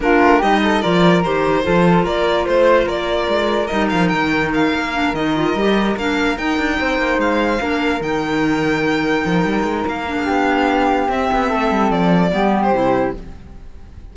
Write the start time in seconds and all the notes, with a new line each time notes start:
0.00 A#3 D4 F4 A#4
0.21 A3
0.38 G3 D#4 G4 D#5
0.63 A4
0.81 F3 F4 A#4 D5
1.23 D#3 G4 C5
1.62 F3 F4 A4
2.04 A#3 A#4 D5
2.45 A3 C5
2.85 A#3 A#4 D5
3.28 G#3
3.67 G3 D#4 D#5
3.89 F3 F5
4.08 D#3 G5
4.53 F5
4.73 A#3
4.93 D4
5.13 D#3 D#4 D#5
5.36 F4
5.54 G3 G4
5.96 A#3 D4 F5
6.36 D#4 G5
6.58 D4
6.80 C4 C5
6.98 A#3
7.18 G#3 F5
7.58 A#3 D4 A#4
7.99 D#3 D#4 G5
9.25 F3
9.45 G3
9.63 G#3
9.87 A#3 F5
10.07 D4
10.14 G#4
10.25 B3 G4
11.08 C4 E5
11.32 B3
11.48 A3 A4
11.70 G3
11.90 F3 D5
12.29 G3 B3 G4
12.62 C5
12.71 C3 E4